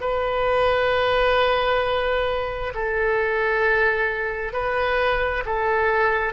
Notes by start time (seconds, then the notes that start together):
0.00 B4
2.74 A4
4.52 B4
5.45 A4